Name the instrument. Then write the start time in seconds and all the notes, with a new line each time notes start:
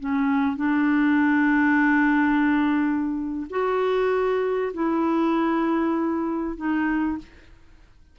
clarinet
0.00 C#4
0.57 D4
3.50 F#4
4.74 E4
6.57 D#4